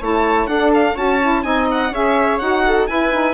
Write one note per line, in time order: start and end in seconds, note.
0.00 0.46 A3
0.00 0.48 E4
0.00 0.48 C#5
0.00 0.47 A5
0.46 0.94 D4
0.46 0.96 D4
0.46 0.94 A4
0.46 0.71 F#5
0.74 0.97 F5
0.94 1.44 C#4
0.94 1.20 F#4
0.94 1.42 C#5
0.94 1.43 A5
1.20 1.43 E4
1.43 1.90 C4
1.43 1.91 D#4
1.43 1.92 D#5
1.43 1.67 G#5
1.71 1.94 F#5
1.90 2.38 C#4
1.90 2.39 G#4
1.90 2.64 C#5
1.90 2.38 E5
2.38 2.89 D#4
2.38 2.87 F#4
2.38 2.86 F#5
2.65 2.89 A4
2.86 3.12 E4
2.86 3.33 E4
2.86 3.33 B4
2.86 3.33 G#5
3.12 3.33 D#4